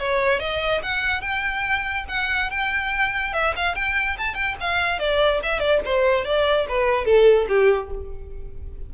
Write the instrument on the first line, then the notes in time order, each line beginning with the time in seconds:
violin
0.00 C#5
0.40 D#5
0.83 F#5
1.22 G5
2.09 F#5
2.51 G5
3.34 E5
3.56 F5
3.76 G5
4.18 A5
4.35 G5
4.61 F5
5.00 D5
5.43 E5
5.60 D5
5.85 C5
6.25 D5
6.69 B4
7.05 A4
7.48 G4